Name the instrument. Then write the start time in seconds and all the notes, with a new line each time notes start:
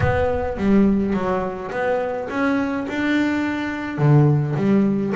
double bass
0.00 B3
0.57 G3
1.13 F#3
1.71 B3
2.29 C#4
2.88 D4
3.98 D3
4.56 G3